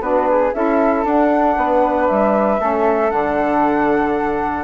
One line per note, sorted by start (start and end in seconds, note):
0.00 0.52 B3
0.00 0.52 D4
0.00 0.28 F#4
0.00 0.53 B4
0.29 0.55 G#4
0.53 1.05 C#4
0.53 1.05 E4
0.53 1.57 A4
0.53 1.05 E5
1.05 1.56 D4
1.05 2.59 D4
1.05 2.08 F#5
1.57 2.09 B3
1.57 2.60 B4
2.08 2.59 G3
2.08 3.11 E5
2.59 3.11 A3
2.59 3.10 C#4
2.59 4.64 A4
3.10 4.64 D3
3.10 4.64 D4
3.10 4.64 F#5